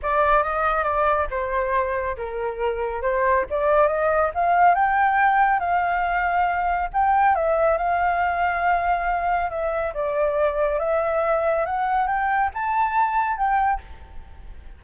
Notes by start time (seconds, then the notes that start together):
0.02 D5
0.43 D#5
0.83 D5
1.30 C5
2.16 A#4
3.01 C5
3.50 D5
3.87 D#5
4.34 F5
4.74 G5
5.59 F5
6.93 G5
7.35 E5
7.77 F5
9.49 E5
9.93 D5
10.79 E5
11.65 F#5
12.07 G5
12.53 A5
13.37 G5